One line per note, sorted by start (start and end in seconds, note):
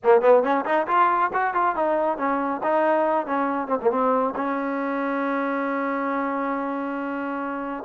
0.03 0.21 A#3
0.21 0.43 B3
0.43 0.64 C#4
0.65 0.86 D#4
0.87 1.30 F4
1.33 1.53 F#4
1.53 1.75 F4
1.75 2.17 D#4
2.17 2.61 C#4
2.63 3.26 D#4
3.26 3.67 C#4
3.67 3.78 C4
3.81 3.90 A#3
3.90 4.34 C4
4.35 7.83 C#4